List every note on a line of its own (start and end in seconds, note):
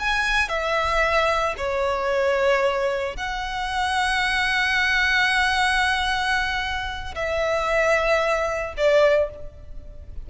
0.00 0.49 G#5
0.49 1.55 E5
1.58 3.17 C#5
3.17 7.15 F#5
7.15 8.75 E5
8.77 9.30 D5